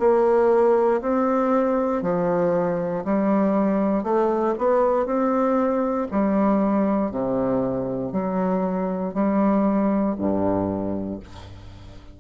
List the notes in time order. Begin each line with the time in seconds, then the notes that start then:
0.00 A#3
1.02 C4
2.03 F3
3.05 G3
4.04 A3
4.59 B3
5.06 C4
6.12 G3
7.11 C3
8.13 F#3
9.14 G3
10.19 G2